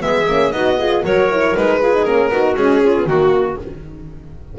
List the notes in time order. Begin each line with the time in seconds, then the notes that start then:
0.00 G#3 B3 G#4 E5
0.28 A#3 C#4
0.51 B3 D#4 F#4 D#5
0.78 F4 G#4
1.04 F#3 F#4 A#4 C#5
1.31 E4
1.56 G#3 D#4 B4
1.81 F4 G#4
1.94 D#4
2.05 A#3 C#4 A#4
2.30 B3 D#4 F#4
2.56 G#3 C#4 G#4
2.83 C#4 F4
2.98 B3
3.06 D#3 A#3 F#4